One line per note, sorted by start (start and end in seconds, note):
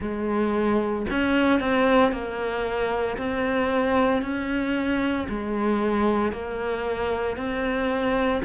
0.00 1.06 G#3
1.10 1.59 C#4
1.59 2.11 C4
2.11 3.17 A#3
3.17 4.22 C4
4.22 5.27 C#4
5.28 6.32 G#3
6.32 7.36 A#3
7.36 8.42 C4